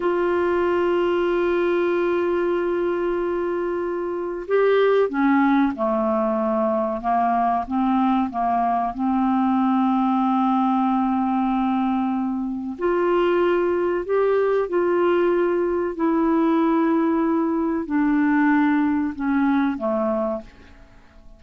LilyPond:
\new Staff \with { instrumentName = "clarinet" } { \time 4/4 \tempo 4 = 94 f'1~ | f'2. g'4 | cis'4 a2 ais4 | c'4 ais4 c'2~ |
c'1 | f'2 g'4 f'4~ | f'4 e'2. | d'2 cis'4 a4 | }